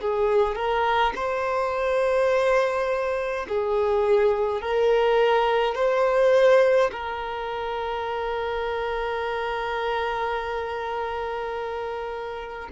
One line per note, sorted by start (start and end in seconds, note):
0.00 0.55 G#4
0.55 1.13 A#4
1.15 3.46 C5
3.48 4.61 G#4
4.61 5.75 A#4
5.75 6.90 C5
6.91 12.68 A#4